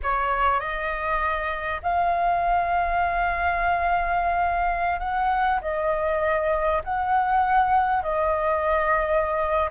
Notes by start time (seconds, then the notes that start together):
0.02 C#5
0.60 D#5
1.82 F5
4.99 F#5
5.61 D#5
6.83 F#5
8.02 D#5